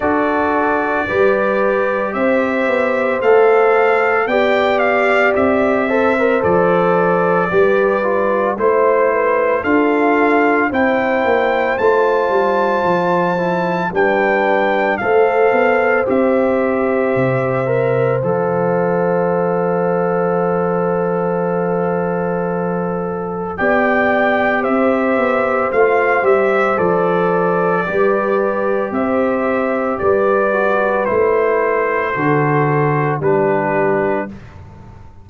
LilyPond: <<
  \new Staff \with { instrumentName = "trumpet" } { \time 4/4 \tempo 4 = 56 d''2 e''4 f''4 | g''8 f''8 e''4 d''2 | c''4 f''4 g''4 a''4~ | a''4 g''4 f''4 e''4~ |
e''4 f''2.~ | f''2 g''4 e''4 | f''8 e''8 d''2 e''4 | d''4 c''2 b'4 | }
  \new Staff \with { instrumentName = "horn" } { \time 4/4 a'4 b'4 c''2 | d''4. c''4. b'4 | c''8 b'8 a'4 c''2~ | c''4 b'4 c''2~ |
c''1~ | c''2 d''4 c''4~ | c''2 b'4 c''4 | b'2 a'4 g'4 | }
  \new Staff \with { instrumentName = "trombone" } { \time 4/4 fis'4 g'2 a'4 | g'4. a'16 ais'16 a'4 g'8 f'8 | e'4 f'4 e'4 f'4~ | f'8 e'8 d'4 a'4 g'4~ |
g'8 ais'8 a'2.~ | a'2 g'2 | f'8 g'8 a'4 g'2~ | g'8 fis'8 e'4 fis'4 d'4 | }
  \new Staff \with { instrumentName = "tuba" } { \time 4/4 d'4 g4 c'8 b8 a4 | b4 c'4 f4 g4 | a4 d'4 c'8 ais8 a8 g8 | f4 g4 a8 b8 c'4 |
c4 f2.~ | f2 b4 c'8 b8 | a8 g8 f4 g4 c'4 | g4 a4 d4 g4 | }
>>